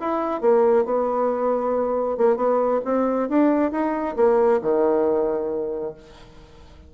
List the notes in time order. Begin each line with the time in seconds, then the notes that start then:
0.00 E4
0.41 A#3
0.85 B3
2.17 A#3
2.36 B3
2.85 C4
3.29 D4
3.71 D#4
4.16 A#3
4.62 D#3